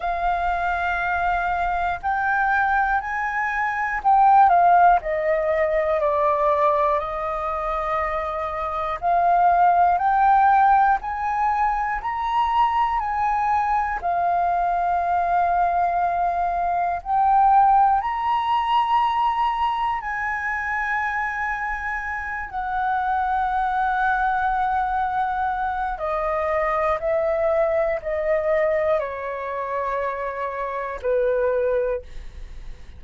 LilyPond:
\new Staff \with { instrumentName = "flute" } { \time 4/4 \tempo 4 = 60 f''2 g''4 gis''4 | g''8 f''8 dis''4 d''4 dis''4~ | dis''4 f''4 g''4 gis''4 | ais''4 gis''4 f''2~ |
f''4 g''4 ais''2 | gis''2~ gis''8 fis''4.~ | fis''2 dis''4 e''4 | dis''4 cis''2 b'4 | }